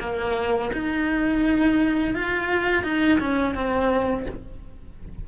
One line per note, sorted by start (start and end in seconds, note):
0.00 0.71 A#3
0.73 2.15 D#4
2.15 2.83 F4
2.83 3.19 D#4
3.20 3.55 C#4
3.55 4.26 C4